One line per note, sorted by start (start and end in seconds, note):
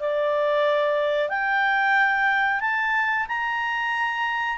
0.00 1.30 D5
1.30 2.61 G5
2.61 3.27 A5
3.28 4.58 A#5